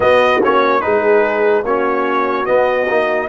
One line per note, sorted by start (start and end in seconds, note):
0.00 0.40 B3
0.00 0.41 B3
0.00 0.81 F#4
0.00 0.41 D#5
0.43 0.84 A#3
0.43 0.81 C#4
0.43 0.80 C#5
0.80 1.63 G#3
0.80 1.63 D#4
0.80 1.65 G#4
0.80 1.62 B4
1.63 2.46 A#3
1.63 2.45 C#4
1.63 3.28 F#4
1.63 2.45 C#5
2.45 2.86 B3
2.45 2.89 B3
2.45 3.28 D#5
2.89 3.28 A#3
2.89 3.28 D#4